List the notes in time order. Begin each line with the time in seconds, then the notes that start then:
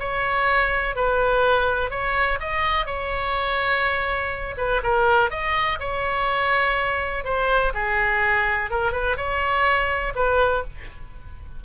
0.00 C#5
0.96 B4
1.91 C#5
2.41 D#5
2.86 C#5
4.57 B4
4.83 A#4
5.31 D#5
5.80 C#5
7.25 C5
7.74 G#4
8.71 A#4
8.93 B4
9.17 C#5
10.16 B4